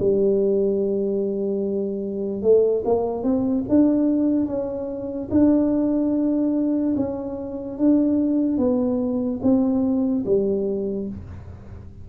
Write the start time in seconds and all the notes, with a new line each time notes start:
0.00 G3
2.42 A3
2.85 A#3
3.24 C4
3.69 D4
4.46 C#4
5.31 D4
6.97 C#4
7.79 D4
8.58 B3
9.43 C4
10.26 G3